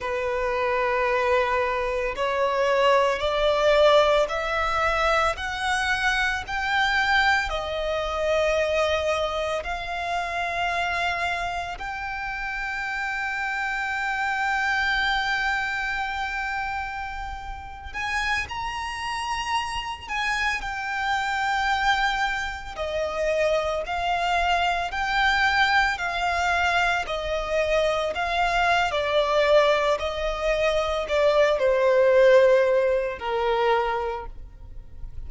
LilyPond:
\new Staff \with { instrumentName = "violin" } { \time 4/4 \tempo 4 = 56 b'2 cis''4 d''4 | e''4 fis''4 g''4 dis''4~ | dis''4 f''2 g''4~ | g''1~ |
g''8. gis''8 ais''4. gis''8 g''8.~ | g''4~ g''16 dis''4 f''4 g''8.~ | g''16 f''4 dis''4 f''8. d''4 | dis''4 d''8 c''4. ais'4 | }